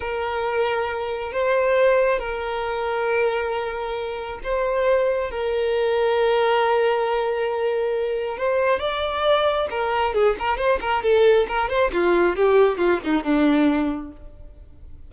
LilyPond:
\new Staff \with { instrumentName = "violin" } { \time 4/4 \tempo 4 = 136 ais'2. c''4~ | c''4 ais'2.~ | ais'2 c''2 | ais'1~ |
ais'2. c''4 | d''2 ais'4 gis'8 ais'8 | c''8 ais'8 a'4 ais'8 c''8 f'4 | g'4 f'8 dis'8 d'2 | }